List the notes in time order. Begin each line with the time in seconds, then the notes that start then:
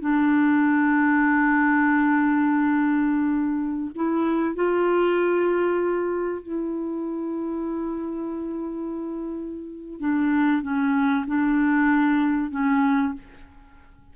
0.00 D4
3.95 E4
4.55 F4
6.42 E4
10.00 D4
10.62 C#4
11.27 D4
12.51 C#4